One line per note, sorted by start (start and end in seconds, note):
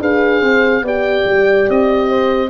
0.00 0.42 D4
0.00 0.83 G#4
0.00 0.41 B4
0.00 0.86 F5
0.41 0.82 C4
0.41 0.83 C5
0.82 1.24 B3
0.82 2.50 G4
0.82 2.10 D5
0.82 1.71 G5
1.26 1.67 G3
1.70 2.50 C4
1.70 2.50 D#5
2.10 2.50 C5